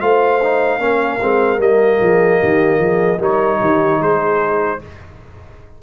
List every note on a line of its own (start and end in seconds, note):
0.00 0.79 A3
0.00 0.40 F4
0.00 0.80 C5
0.00 1.60 F5
0.43 0.79 D#4
0.79 1.19 A#3
0.79 1.19 C#4
0.79 2.01 A#4
1.21 1.59 G#3
1.21 1.58 C4
1.58 1.99 G3
1.58 3.18 A#3
1.58 3.21 D#5
2.01 2.41 F3
2.01 2.39 G#4
2.39 2.79 D#3
2.39 2.79 G4
2.79 3.19 F3
2.79 3.18 G#4
3.18 3.59 G3
3.18 4.79 D#4
3.18 3.58 A#4
3.18 4.02 C#5
3.60 4.00 D#3
3.60 3.99 G4
3.99 4.81 G#3
3.99 4.79 G#4
3.99 4.82 C5